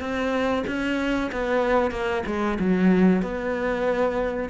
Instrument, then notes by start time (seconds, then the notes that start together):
cello
0.00 C4
0.67 C#4
1.32 B3
1.91 A#3
2.26 G#3
2.59 F#3
3.22 B3